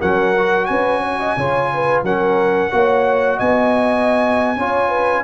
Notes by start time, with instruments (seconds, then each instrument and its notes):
0.00 tuba F#3, trombone C#4, horn A#4, trumpet F#5
0.38 trombone F#4
0.66 tuba C#4, horn B4, trumpet G#5
1.02 horn C#5
1.20 horn D#5
1.37 tuba C#3, trombone F4, horn C#5
1.74 horn B4
2.03 tuba F#3, trombone C#4, horn A#4, trumpet F#5
2.71 tuba A#3, trombone F#4, horn C#5
3.37 tuba B3, horn D#5, trumpet G#5
4.57 tuba C#4, trombone F4, horn C#5
4.89 horn B4